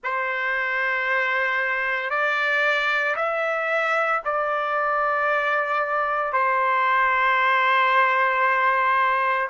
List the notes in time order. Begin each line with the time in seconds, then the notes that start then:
0.03 C5
2.10 D5
3.16 E5
4.24 D5
6.32 C5